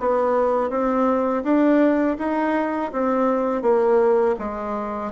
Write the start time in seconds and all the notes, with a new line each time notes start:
0.00 B3
0.70 C4
1.43 D4
2.18 D#4
2.92 C4
3.62 A#3
4.39 G#3